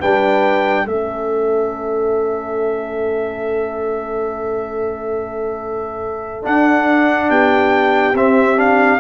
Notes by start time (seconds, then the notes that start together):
0.00 G3 D4 B4 G5
0.84 A3 C#4 A4 E5
6.42 D4 F#5
7.30 B3 G4 G5
8.14 C4 E5
8.56 D4 F5